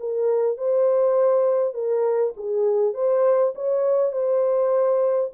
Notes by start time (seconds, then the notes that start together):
0.00 A#4
0.58 C5
1.74 A#4
2.37 G#4
2.94 C5
3.55 C#5
4.12 C5